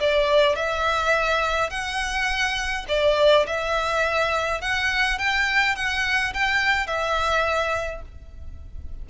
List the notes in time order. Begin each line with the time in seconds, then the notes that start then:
0.00 D5
0.56 E5
1.70 F#5
2.88 D5
3.46 E5
4.61 F#5
5.19 G5
5.76 F#5
6.34 G5
6.87 E5